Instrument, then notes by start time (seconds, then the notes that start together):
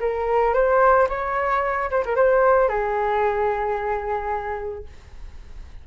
flute
0.00 A#4
0.54 C5
1.09 C#5
1.91 C5
2.05 A#4
2.15 C5
2.68 G#4